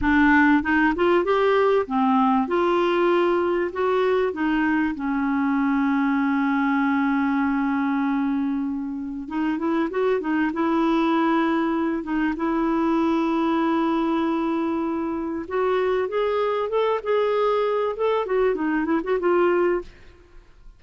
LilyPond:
\new Staff \with { instrumentName = "clarinet" } { \time 4/4 \tempo 4 = 97 d'4 dis'8 f'8 g'4 c'4 | f'2 fis'4 dis'4 | cis'1~ | cis'2. dis'8 e'8 |
fis'8 dis'8 e'2~ e'8 dis'8 | e'1~ | e'4 fis'4 gis'4 a'8 gis'8~ | gis'4 a'8 fis'8 dis'8 e'16 fis'16 f'4 | }